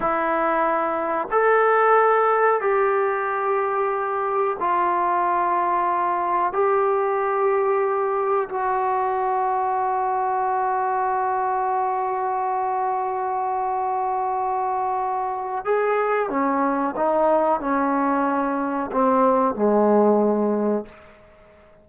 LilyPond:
\new Staff \with { instrumentName = "trombone" } { \time 4/4 \tempo 4 = 92 e'2 a'2 | g'2. f'4~ | f'2 g'2~ | g'4 fis'2.~ |
fis'1~ | fis'1 | gis'4 cis'4 dis'4 cis'4~ | cis'4 c'4 gis2 | }